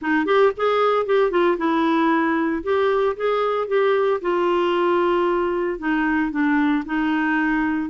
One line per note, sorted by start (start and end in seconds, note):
0.01 0.25 D#4
0.25 0.51 G4
0.56 1.06 G#4
1.06 1.31 G4
1.31 1.57 F4
1.57 2.62 E4
2.63 3.16 G4
3.16 3.67 G#4
3.67 4.20 G4
4.21 5.78 F4
5.78 6.31 D#4
6.31 6.83 D4
6.85 7.89 D#4